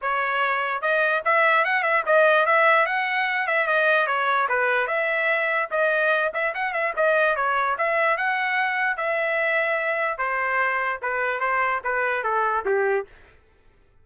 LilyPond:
\new Staff \with { instrumentName = "trumpet" } { \time 4/4 \tempo 4 = 147 cis''2 dis''4 e''4 | fis''8 e''8 dis''4 e''4 fis''4~ | fis''8 e''8 dis''4 cis''4 b'4 | e''2 dis''4. e''8 |
fis''8 e''8 dis''4 cis''4 e''4 | fis''2 e''2~ | e''4 c''2 b'4 | c''4 b'4 a'4 g'4 | }